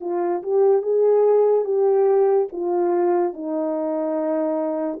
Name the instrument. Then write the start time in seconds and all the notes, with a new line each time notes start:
horn
0.00 F4
0.42 G4
0.82 G#4
1.64 G4
2.52 F4
3.33 D#4